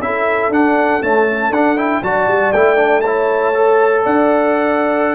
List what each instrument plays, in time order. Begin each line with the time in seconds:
0.00 tuba C#4, trombone E4, horn A4, trumpet E5
0.50 tuba D4, trombone D4, trumpet F#5
1.02 trombone A3, tuba C#4, trumpet A5
1.51 tuba D4, trombone D4, trumpet F#5
1.78 trombone E4, trumpet G5
2.03 tuba F#3, trombone F#4, horn D5, trumpet A5
2.28 tuba G3
2.53 tuba A3, trombone E4, trumpet G5
2.77 trombone D4
3.02 trombone E4, horn C#5, trumpet A5
3.55 trombone A4
4.02 tuba D4, horn D5, trumpet F#5